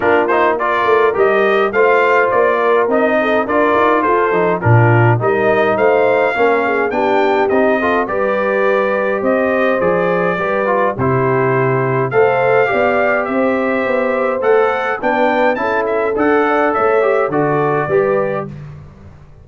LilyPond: <<
  \new Staff \with { instrumentName = "trumpet" } { \time 4/4 \tempo 4 = 104 ais'8 c''8 d''4 dis''4 f''4 | d''4 dis''4 d''4 c''4 | ais'4 dis''4 f''2 | g''4 dis''4 d''2 |
dis''4 d''2 c''4~ | c''4 f''2 e''4~ | e''4 fis''4 g''4 a''8 e''8 | fis''4 e''4 d''2 | }
  \new Staff \with { instrumentName = "horn" } { \time 4/4 f'4 ais'2 c''4~ | c''8 ais'4 a'8 ais'4 a'4 | f'4 ais'4 c''4 ais'8 gis'8 | g'4. a'8 b'2 |
c''2 b'4 g'4~ | g'4 c''4 d''4 c''4~ | c''2 b'4 a'4~ | a'8 d''8 cis''4 a'4 b'4 | }
  \new Staff \with { instrumentName = "trombone" } { \time 4/4 d'8 dis'8 f'4 g'4 f'4~ | f'4 dis'4 f'4. dis'8 | d'4 dis'2 cis'4 | d'4 dis'8 f'8 g'2~ |
g'4 gis'4 g'8 f'8 e'4~ | e'4 a'4 g'2~ | g'4 a'4 d'4 e'4 | a'4. g'8 fis'4 g'4 | }
  \new Staff \with { instrumentName = "tuba" } { \time 4/4 ais4. a8 g4 a4 | ais4 c'4 d'8 dis'8 f'8 f8 | ais,4 g4 a4 ais4 | b4 c'4 g2 |
c'4 f4 g4 c4~ | c4 a4 b4 c'4 | b4 a4 b4 cis'4 | d'4 a4 d4 g4 | }
>>